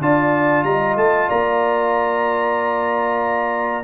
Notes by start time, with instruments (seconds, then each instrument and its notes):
0.00 tuba D4, trombone F4, horn D5, trumpet A5
0.63 tuba G3, horn D#5, trumpet A#5
0.96 tuba A3, trumpet A5
1.29 tuba A#3, horn D5, trumpet A#5